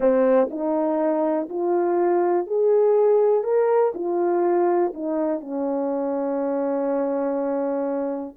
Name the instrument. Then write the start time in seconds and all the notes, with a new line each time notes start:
horn
0.00 C4
0.50 D#4
1.49 F4
2.47 G#4
3.43 A#4
3.94 F4
4.94 D#4
5.40 C#4